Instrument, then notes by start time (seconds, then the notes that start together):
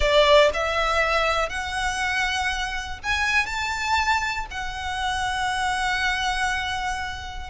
violin
0.00 D5
0.53 E5
1.49 F#5
3.02 G#5
3.46 A5
4.50 F#5